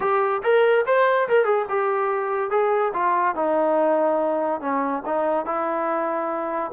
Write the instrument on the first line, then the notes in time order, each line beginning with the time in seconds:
trombone
0.00 G4
0.43 A#4
0.86 C5
1.28 A#4
1.44 G#4
1.68 G4
2.50 G#4
2.93 F4
3.35 D#4
4.61 C#4
5.05 D#4
5.45 E4